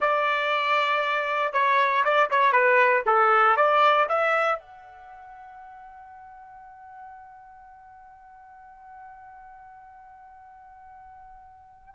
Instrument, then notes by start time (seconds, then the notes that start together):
trumpet
0.00 D5
1.52 C#5
2.04 D5
2.30 C#5
2.52 B4
3.06 A4
3.56 D5
4.08 E5
4.59 F#5